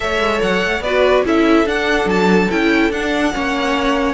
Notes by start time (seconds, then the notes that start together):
0.00 A3 A4 C#5 E5
0.19 G#3
0.42 F#3 F#5
0.63 A3
0.80 B3 F#4 B4 D5
1.25 C#4 E4 A4 E5
1.65 D4 F#5
2.05 F#3 A5
2.50 C#4 E4 G5
2.89 D4 F#5
3.33 A#3 C#4 C#5